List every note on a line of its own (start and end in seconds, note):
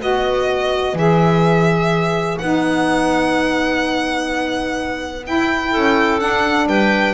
0.00 0.94 B3
0.00 0.95 F#4
0.00 5.72 B4
0.00 0.98 D#5
0.94 2.37 E3
0.94 2.39 G#4
0.94 2.38 E5
2.38 5.27 B3
2.38 5.25 D#4
2.38 5.24 F#5
5.25 6.20 E4
5.25 5.75 E4
5.25 6.20 G5
5.72 6.22 C#4
5.72 6.67 A4
6.20 7.14 D4
6.20 6.67 D4
6.20 6.68 F#5
6.67 7.14 G3
6.67 7.14 B4
6.67 7.14 G5